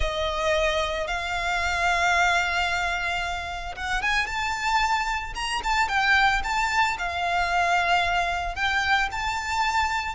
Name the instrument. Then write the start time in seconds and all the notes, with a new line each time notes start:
violin
0.00 D#5
1.07 F5
3.75 F#5
4.02 G#5
4.26 A5
5.34 A#5
5.63 A5
5.88 G5
6.43 A5
6.98 F5
8.55 G5
9.11 A5